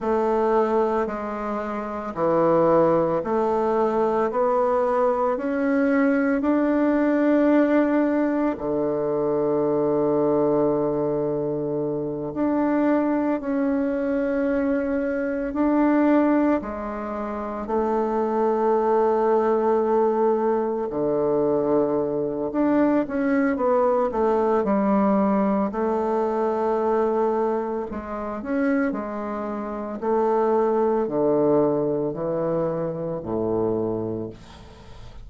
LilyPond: \new Staff \with { instrumentName = "bassoon" } { \time 4/4 \tempo 4 = 56 a4 gis4 e4 a4 | b4 cis'4 d'2 | d2.~ d8 d'8~ | d'8 cis'2 d'4 gis8~ |
gis8 a2. d8~ | d4 d'8 cis'8 b8 a8 g4 | a2 gis8 cis'8 gis4 | a4 d4 e4 a,4 | }